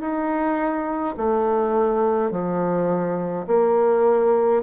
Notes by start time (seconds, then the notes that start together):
0.00 D#4
1.17 A3
2.31 F3
3.47 A#3